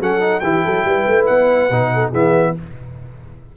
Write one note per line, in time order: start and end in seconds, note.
0.00 0.42 F#3
0.00 0.21 C#4
0.00 0.43 A4
0.00 0.40 F#5
0.21 0.42 D#4
0.40 0.65 E3
0.40 1.71 E4
0.40 0.65 G4
0.40 1.25 G5
0.65 0.85 F#3
0.65 0.86 A4
0.85 1.06 G3
0.85 1.92 B4
1.08 1.29 A3
1.26 1.70 B3
1.26 2.11 F#5
1.70 2.13 B2
1.70 2.13 D#4
1.94 2.10 A4
2.10 2.55 E3
2.10 2.55 B3
2.10 2.53 G#4
2.10 2.57 E5